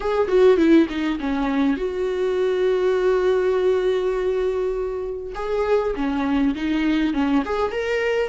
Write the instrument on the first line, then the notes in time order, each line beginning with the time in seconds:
viola
0.00 G#4
0.28 F#4
0.57 E4
0.89 D#4
1.20 C#4
1.77 F#4
5.35 G#4
5.95 C#4
6.55 D#4
7.13 C#4
7.45 G#4
7.71 A#4